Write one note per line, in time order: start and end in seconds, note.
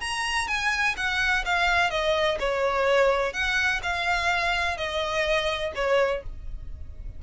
0.00 0.47 A#5
0.47 0.95 G#5
0.97 1.44 F#5
1.45 1.90 F5
1.90 2.38 D#5
2.39 3.33 C#5
3.33 3.81 F#5
3.82 4.77 F5
4.77 5.72 D#5
5.75 6.23 C#5